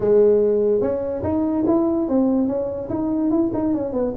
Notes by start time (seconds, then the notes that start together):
0.00 G#3
0.81 C#4
1.23 D#4
1.67 E4
2.08 C4
2.47 C#4
2.89 D#4
3.30 E4
3.53 D#4
3.74 C#4
3.92 B3